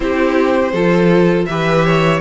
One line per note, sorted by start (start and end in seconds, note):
0.00 0.72 C4
0.00 0.72 E4
0.00 0.71 G4
0.00 1.45 C5
0.71 1.46 F3
0.71 1.49 F4
0.71 1.46 A4
1.45 2.21 E3
1.45 2.21 G4
1.45 1.85 B4
1.45 2.19 E5
1.85 2.21 C#5